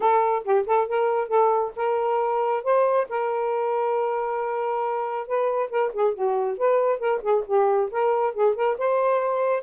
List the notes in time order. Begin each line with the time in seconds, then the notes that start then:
0.00 A4
0.44 G4
0.66 A4
0.87 A#4
1.28 A4
1.76 A#4
2.63 C5
3.09 A#4
5.27 B4
5.70 A#4
5.92 G#4
6.13 F#4
6.57 B4
6.99 A#4
7.22 G#4
7.46 G4
7.91 A#4
8.34 G#4
8.55 A#4
8.78 C5